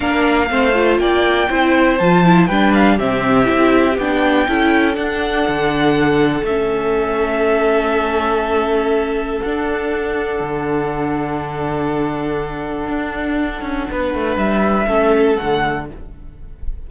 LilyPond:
<<
  \new Staff \with { instrumentName = "violin" } { \time 4/4 \tempo 4 = 121 f''2 g''2 | a''4 g''8 f''8 e''2 | g''2 fis''2~ | fis''4 e''2.~ |
e''2. fis''4~ | fis''1~ | fis''1~ | fis''4 e''2 fis''4 | }
  \new Staff \with { instrumentName = "violin" } { \time 4/4 ais'4 c''4 d''4 c''4~ | c''4 b'4 g'2~ | g'4 a'2.~ | a'1~ |
a'1~ | a'1~ | a'1 | b'2 a'2 | }
  \new Staff \with { instrumentName = "viola" } { \time 4/4 d'4 c'8 f'4. e'4 | f'8 e'8 d'4 c'4 e'4 | d'4 e'4 d'2~ | d'4 cis'2.~ |
cis'2. d'4~ | d'1~ | d'1~ | d'2 cis'4 a4 | }
  \new Staff \with { instrumentName = "cello" } { \time 4/4 ais4 a4 ais4 c'4 | f4 g4 c4 c'4 | b4 cis'4 d'4 d4~ | d4 a2.~ |
a2. d'4~ | d'4 d2.~ | d2 d'4. cis'8 | b8 a8 g4 a4 d4 | }
>>